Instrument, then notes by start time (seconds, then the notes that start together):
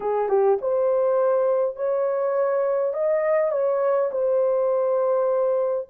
horn
0.00 G#4
0.28 G4
0.61 C5
1.76 C#5
2.93 D#5
3.51 C#5
4.11 C5